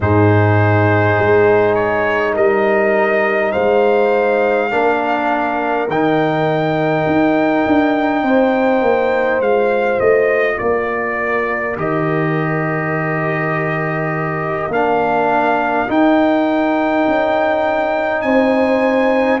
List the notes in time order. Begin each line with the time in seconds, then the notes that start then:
0.00 G#2 D#4 G#4 C5
1.18 G#3
1.74 C#5
2.34 G3 A#4 D#5
3.52 G#3 C5 F5
4.70 A#3 D4 A#4
5.87 D#3 D#4 G5
7.06 D#4
7.66 D4
8.22 C4 C5
8.81 A#3
9.40 G#3 F4 F5
10.00 A3 D#5
10.57 A#3 A#4 D5
11.76 D#3 G4 D#5
14.68 A#3 D4 F5
15.87 D#4 G5
17.07 C#4
18.21 C4 C5 G#5